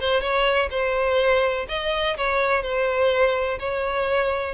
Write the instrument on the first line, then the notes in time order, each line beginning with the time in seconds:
violin
0.00 C5
0.21 C#5
0.71 C5
1.69 D#5
2.17 C#5
2.63 C5
3.59 C#5